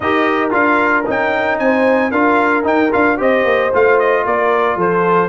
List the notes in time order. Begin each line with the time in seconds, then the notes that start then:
0.00 D#4 G4 A#4 D#5
0.50 D4 F4 F5
1.05 C#4 D#4 G5
1.58 C4 C5 G#5
2.11 D4 F4 A#4 F5
2.63 D#4 G5
2.91 D4 F4 F5
3.17 C4 G4 C5 D#5
3.44 A#3
3.73 A3 F4 F5
3.99 D#5
4.25 A#3 A#4 D5
4.76 F3 A4 C5